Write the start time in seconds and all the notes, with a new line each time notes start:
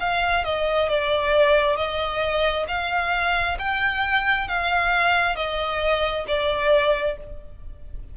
0.00 F5
0.44 D#5
0.89 D5
1.76 D#5
2.68 F5
3.59 G5
4.48 F5
5.35 D#5
6.27 D5